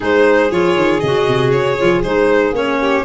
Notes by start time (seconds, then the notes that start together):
0.00 G#3 D#4 G#4 C5
0.50 F3 F4 C#5
0.75 D#3
1.00 C#3 F#4 D#5
1.27 C3
1.51 C#3 C#5
1.77 F3 F4
2.03 G#3 D#4 C5
2.52 A#3 C#4 C#5
2.80 G4